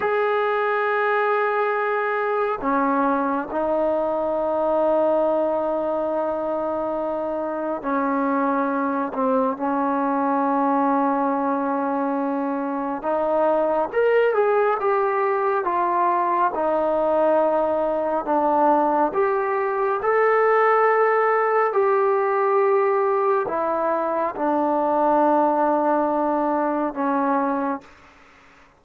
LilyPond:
\new Staff \with { instrumentName = "trombone" } { \time 4/4 \tempo 4 = 69 gis'2. cis'4 | dis'1~ | dis'4 cis'4. c'8 cis'4~ | cis'2. dis'4 |
ais'8 gis'8 g'4 f'4 dis'4~ | dis'4 d'4 g'4 a'4~ | a'4 g'2 e'4 | d'2. cis'4 | }